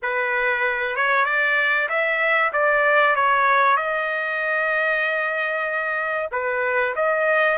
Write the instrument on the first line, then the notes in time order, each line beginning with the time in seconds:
trumpet
0.02 B4
0.96 C#5
1.25 D5
1.88 E5
2.53 D5
3.15 C#5
3.76 D#5
6.31 B4
6.95 D#5